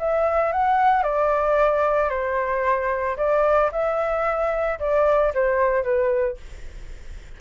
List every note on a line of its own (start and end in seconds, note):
0.00 0.53 E5
0.53 1.03 F#5
1.03 2.10 D5
2.10 3.17 C5
3.18 3.71 D5
3.72 4.79 E5
4.80 5.33 D5
5.35 5.84 C5
5.84 6.37 B4